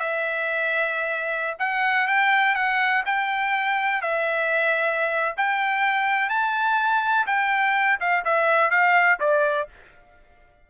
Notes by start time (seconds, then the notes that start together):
0.00 E5
1.59 F#5
2.08 G5
2.55 F#5
3.06 G5
4.02 E5
5.37 G5
6.30 A5
7.27 G5
8.00 F5
8.25 E5
8.71 F5
9.20 D5